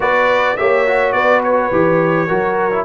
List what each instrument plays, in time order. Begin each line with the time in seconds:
0.00 tuba B3, trombone F#4, horn B4, trumpet D5
0.56 tuba A#3, trombone G4, horn C#5, trumpet E5
0.86 trombone F#4
1.12 tuba B3, horn B4, trumpet D5
1.43 trumpet C#5
1.71 tuba E3, trombone G4
2.27 tuba F#3, trombone F#4, horn A#4
2.71 trombone E4